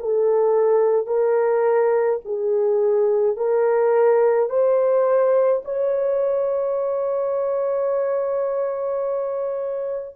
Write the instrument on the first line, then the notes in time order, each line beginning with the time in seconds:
horn
0.00 A4
1.07 A#4
2.25 G#4
3.37 A#4
4.50 C5
5.65 C#5